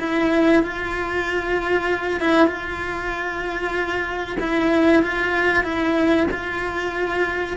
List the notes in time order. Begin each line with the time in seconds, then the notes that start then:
0.00 E4
0.63 F4
2.20 E4
2.47 F4
4.40 E4
5.03 F4
5.64 E4
6.31 F4